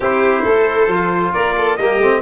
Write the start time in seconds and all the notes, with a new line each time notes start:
0.00 C4 E4 G4 C5
0.42 A3 A4
0.87 F3 F4
1.33 A#3 A#4 D5
1.57 A4
1.76 G3 A#3 G4 D#5
1.98 A3 C4